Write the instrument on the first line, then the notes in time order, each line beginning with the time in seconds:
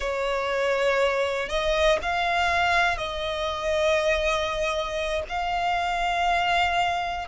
violin
0.00 C#5
1.48 D#5
2.02 F5
2.97 D#5
5.29 F5